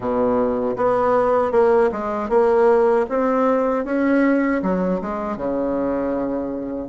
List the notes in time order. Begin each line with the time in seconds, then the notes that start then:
0.00 B2
0.76 B3
1.51 A#3
1.92 G#3
2.29 A#3
3.09 C4
3.85 C#4
4.62 F#3
5.01 G#3
5.36 C#3